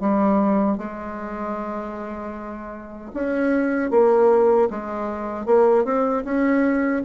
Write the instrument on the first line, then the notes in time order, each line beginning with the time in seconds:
bassoon
0.00 G3
0.78 G#3
3.14 C#4
3.91 A#3
4.70 G#3
5.46 A#3
5.84 C4
6.25 C#4